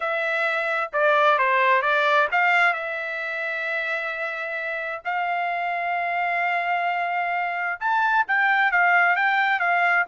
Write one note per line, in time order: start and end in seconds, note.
0.00 0.90 E5
0.92 1.38 D5
1.38 1.82 C5
1.82 2.28 D5
2.31 2.73 F5
2.73 5.02 E5
5.04 7.79 F5
7.80 8.25 A5
8.27 8.71 G5
8.71 9.16 F5
9.16 9.59 G5
9.59 10.05 F5